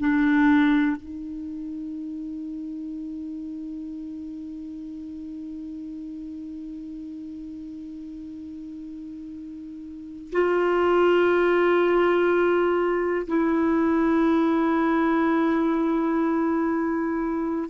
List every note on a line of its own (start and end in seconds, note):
0.00 0.97 D4
0.97 10.31 D#4
10.32 13.27 F4
13.27 17.70 E4